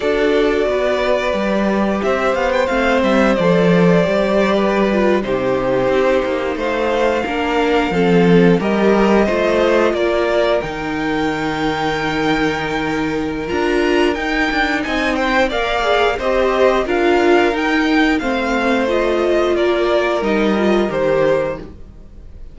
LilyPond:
<<
  \new Staff \with { instrumentName = "violin" } { \time 4/4 \tempo 4 = 89 d''2. e''8 f''16 g''16 | f''8 e''8 d''2~ d''8. c''16~ | c''4.~ c''16 f''2~ f''16~ | f''8. dis''2 d''4 g''16~ |
g''1 | ais''4 g''4 gis''8 g''8 f''4 | dis''4 f''4 g''4 f''4 | dis''4 d''4 dis''4 c''4 | }
  \new Staff \with { instrumentName = "violin" } { \time 4/4 a'4 b'2 c''4~ | c''2~ c''8. b'4 g'16~ | g'4.~ g'16 c''4 ais'4 a'16~ | a'8. ais'4 c''4 ais'4~ ais'16~ |
ais'1~ | ais'2 dis''8 c''8 d''4 | c''4 ais'2 c''4~ | c''4 ais'2. | }
  \new Staff \with { instrumentName = "viola" } { \time 4/4 fis'2 g'2 | c'4 a'4 g'4~ g'16 f'8 dis'16~ | dis'2~ dis'8. d'4 c'16~ | c'8. g'4 f'2 dis'16~ |
dis'1 | f'4 dis'2 ais'8 gis'8 | g'4 f'4 dis'4 c'4 | f'2 dis'8 f'8 g'4 | }
  \new Staff \with { instrumentName = "cello" } { \time 4/4 d'4 b4 g4 c'8 b8 | a8 g8 f4 g4.~ g16 c16~ | c8. c'8 ais8 a4 ais4 f16~ | f8. g4 a4 ais4 dis16~ |
dis1 | d'4 dis'8 d'8 c'4 ais4 | c'4 d'4 dis'4 a4~ | a4 ais4 g4 dis4 | }
>>